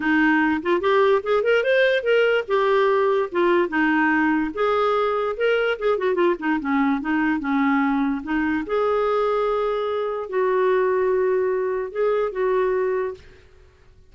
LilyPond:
\new Staff \with { instrumentName = "clarinet" } { \time 4/4 \tempo 4 = 146 dis'4. f'8 g'4 gis'8 ais'8 | c''4 ais'4 g'2 | f'4 dis'2 gis'4~ | gis'4 ais'4 gis'8 fis'8 f'8 dis'8 |
cis'4 dis'4 cis'2 | dis'4 gis'2.~ | gis'4 fis'2.~ | fis'4 gis'4 fis'2 | }